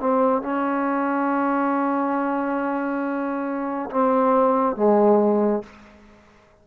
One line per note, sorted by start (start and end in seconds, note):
0.00 0.42 C4
0.42 3.90 C#4
3.90 4.76 C4
4.76 5.63 G#3